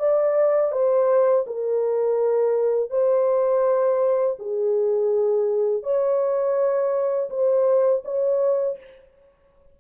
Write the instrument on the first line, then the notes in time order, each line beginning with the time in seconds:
horn
0.00 D5
0.73 C5
1.47 A#4
2.91 C5
4.40 G#4
5.83 C#5
7.30 C5
8.05 C#5